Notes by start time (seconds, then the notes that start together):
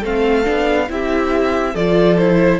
0.00 A3 C4 A4 F5
0.44 B3 D4
0.88 C4 E4 G4 E5
1.74 F3 F4 A4 D5
2.18 E4 C5